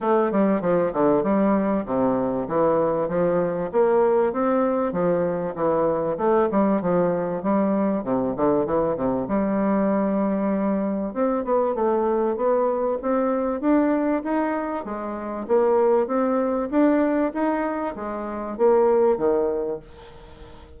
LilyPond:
\new Staff \with { instrumentName = "bassoon" } { \time 4/4 \tempo 4 = 97 a8 g8 f8 d8 g4 c4 | e4 f4 ais4 c'4 | f4 e4 a8 g8 f4 | g4 c8 d8 e8 c8 g4~ |
g2 c'8 b8 a4 | b4 c'4 d'4 dis'4 | gis4 ais4 c'4 d'4 | dis'4 gis4 ais4 dis4 | }